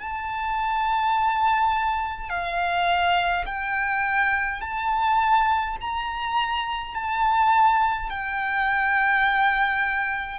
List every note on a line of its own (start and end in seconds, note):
0.00 2.30 A5
2.30 3.45 F5
3.46 4.62 G5
4.62 5.77 A5
5.81 6.95 A#5
6.95 8.10 A5
8.10 10.39 G5